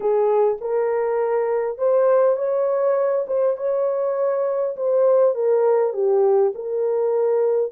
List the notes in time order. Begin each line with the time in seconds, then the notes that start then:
0.00 G#4
0.60 A#4
1.77 C5
2.36 C#5
3.27 C5
3.57 C#5
4.76 C5
5.34 A#4
5.93 G4
6.54 A#4